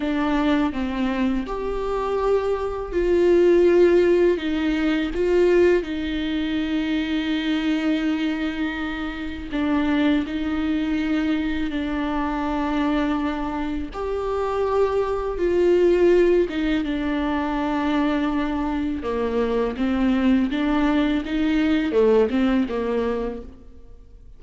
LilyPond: \new Staff \with { instrumentName = "viola" } { \time 4/4 \tempo 4 = 82 d'4 c'4 g'2 | f'2 dis'4 f'4 | dis'1~ | dis'4 d'4 dis'2 |
d'2. g'4~ | g'4 f'4. dis'8 d'4~ | d'2 ais4 c'4 | d'4 dis'4 a8 c'8 ais4 | }